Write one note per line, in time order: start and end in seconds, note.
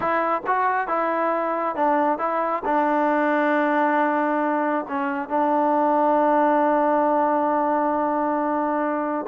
0.00 0.42 E4
0.46 0.87 F#4
0.87 1.75 E4
1.75 2.18 D4
2.18 2.62 E4
2.65 4.85 D4
4.88 5.28 C#4
5.28 9.25 D4